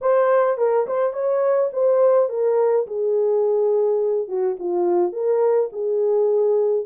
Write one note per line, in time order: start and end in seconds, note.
0.01 0.57 C5
0.57 0.86 A#4
0.86 1.13 C5
1.13 1.70 C#5
1.72 2.29 C5
2.29 2.86 A#4
2.86 4.28 G#4
4.28 4.56 F#4
4.59 5.12 F4
5.12 5.69 A#4
5.72 6.85 G#4